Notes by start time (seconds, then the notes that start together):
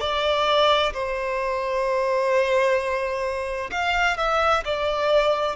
0.00 D5
0.93 C5
3.71 F5
4.17 E5
4.64 D5